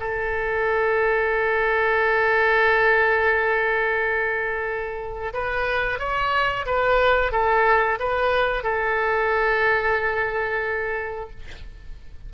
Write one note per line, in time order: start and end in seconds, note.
0.00 5.33 A4
5.34 5.99 B4
5.99 6.66 C#5
6.66 7.32 B4
7.32 7.99 A4
8.00 8.64 B4
8.64 11.30 A4